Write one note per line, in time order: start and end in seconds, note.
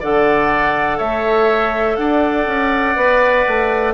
0.00 0.99 D3
0.00 2.95 A4
0.00 0.98 D5
0.00 0.99 F#5
0.98 1.97 A3
0.98 1.96 C#5
0.98 1.96 E5
1.96 2.46 D4
1.96 3.94 D5
1.96 3.93 F#5
2.47 2.96 C#4
2.95 3.45 B3
2.95 3.94 B4
3.47 3.94 A3